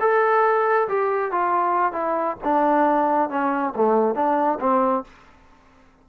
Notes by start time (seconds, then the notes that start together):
0.00 A4
0.88 G4
1.32 F4
1.93 E4
2.44 D4
3.30 C#4
3.76 A3
4.15 D4
4.60 C4